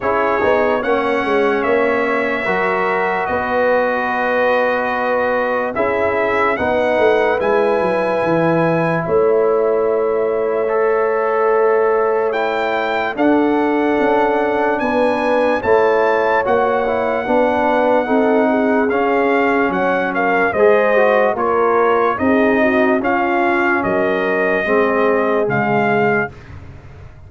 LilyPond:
<<
  \new Staff \with { instrumentName = "trumpet" } { \time 4/4 \tempo 4 = 73 cis''4 fis''4 e''2 | dis''2. e''4 | fis''4 gis''2 e''4~ | e''2. g''4 |
fis''2 gis''4 a''4 | fis''2. f''4 | fis''8 f''8 dis''4 cis''4 dis''4 | f''4 dis''2 f''4 | }
  \new Staff \with { instrumentName = "horn" } { \time 4/4 gis'4 cis''2 ais'4 | b'2. gis'4 | b'2. cis''4~ | cis''1 |
a'2 b'4 cis''4~ | cis''4 b'4 a'8 gis'4. | cis''8 ais'8 c''4 ais'4 gis'8 fis'8 | f'4 ais'4 gis'2 | }
  \new Staff \with { instrumentName = "trombone" } { \time 4/4 e'8 dis'8 cis'2 fis'4~ | fis'2. e'4 | dis'4 e'2.~ | e'4 a'2 e'4 |
d'2. e'4 | fis'8 e'8 d'4 dis'4 cis'4~ | cis'4 gis'8 fis'8 f'4 dis'4 | cis'2 c'4 gis4 | }
  \new Staff \with { instrumentName = "tuba" } { \time 4/4 cis'8 b8 ais8 gis8 ais4 fis4 | b2. cis'4 | b8 a8 gis8 fis8 e4 a4~ | a1 |
d'4 cis'4 b4 a4 | ais4 b4 c'4 cis'4 | fis4 gis4 ais4 c'4 | cis'4 fis4 gis4 cis4 | }
>>